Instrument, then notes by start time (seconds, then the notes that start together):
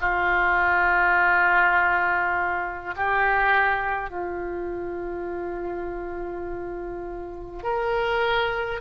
oboe
0.00 F4
2.96 G4
4.10 F4
7.63 A#4